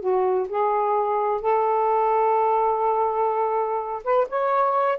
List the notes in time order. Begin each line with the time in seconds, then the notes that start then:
0.00 F#4
0.49 G#4
1.41 A4
4.04 B4
4.29 C#5